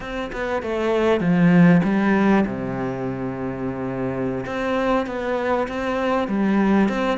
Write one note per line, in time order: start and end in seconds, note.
0.00 0.31 C4
0.32 0.62 B3
0.62 1.20 A3
1.20 1.81 F3
1.83 2.45 G3
2.46 4.45 C3
4.46 5.06 C4
5.06 5.67 B3
5.68 6.28 C4
6.28 6.88 G3
6.88 7.18 C4